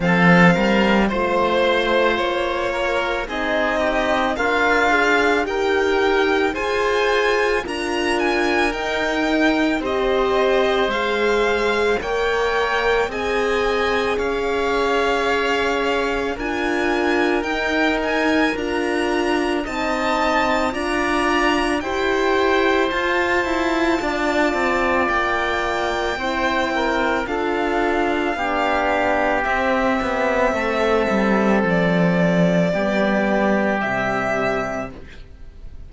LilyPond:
<<
  \new Staff \with { instrumentName = "violin" } { \time 4/4 \tempo 4 = 55 f''4 c''4 cis''4 dis''4 | f''4 g''4 gis''4 ais''8 gis''8 | g''4 dis''4 f''4 g''4 | gis''4 f''2 gis''4 |
g''8 gis''8 ais''4 a''4 ais''4 | g''4 a''2 g''4~ | g''4 f''2 e''4~ | e''4 d''2 e''4 | }
  \new Staff \with { instrumentName = "oboe" } { \time 4/4 a'8 ais'8 c''4. ais'8 gis'8 g'8 | f'4 ais'4 c''4 ais'4~ | ais'4 c''2 cis''4 | dis''4 cis''2 ais'4~ |
ais'2 dis''4 d''4 | c''2 d''2 | c''8 ais'8 a'4 g'2 | a'2 g'2 | }
  \new Staff \with { instrumentName = "horn" } { \time 4/4 c'4 f'2 dis'4 | ais'8 gis'8 g'4 gis'4 f'4 | dis'4 g'4 gis'4 ais'4 | gis'2. f'4 |
dis'4 f'4 dis'4 f'4 | g'4 f'2. | e'4 f'4 d'4 c'4~ | c'2 b4 g4 | }
  \new Staff \with { instrumentName = "cello" } { \time 4/4 f8 g8 a4 ais4 c'4 | d'4 dis'4 f'4 d'4 | dis'4 c'4 gis4 ais4 | c'4 cis'2 d'4 |
dis'4 d'4 c'4 d'4 | e'4 f'8 e'8 d'8 c'8 ais4 | c'4 d'4 b4 c'8 b8 | a8 g8 f4 g4 c4 | }
>>